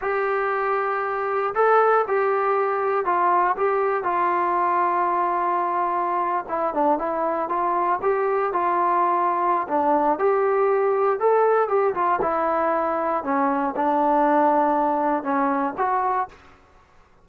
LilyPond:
\new Staff \with { instrumentName = "trombone" } { \time 4/4 \tempo 4 = 118 g'2. a'4 | g'2 f'4 g'4 | f'1~ | f'8. e'8 d'8 e'4 f'4 g'16~ |
g'8. f'2~ f'16 d'4 | g'2 a'4 g'8 f'8 | e'2 cis'4 d'4~ | d'2 cis'4 fis'4 | }